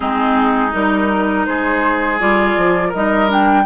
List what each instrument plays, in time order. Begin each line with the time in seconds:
0.00 bassoon G#3, clarinet C4, oboe D#4, flute G#4
0.72 bassoon G3, clarinet D#4, flute A#4
1.45 bassoon G#3, oboe G#4, flute C5
2.18 bassoon G3, clarinet F4, flute D5
2.57 bassoon F3
2.89 bassoon G3, clarinet D#4, oboe A#4, flute D#5
3.27 clarinet D4, flute G5